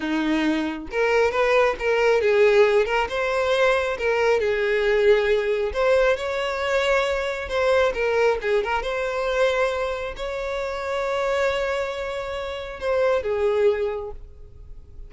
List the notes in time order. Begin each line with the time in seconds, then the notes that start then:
0.00 D#4
0.91 A#4
1.31 B4
1.79 A#4
2.21 G#4
2.85 A#4
3.09 C5
3.98 A#4
4.40 G#4
5.73 C5
6.16 C#5
7.48 C5
7.94 A#4
8.41 G#4
8.63 A#4
8.82 C5
10.16 C#5
12.79 C5
13.23 G#4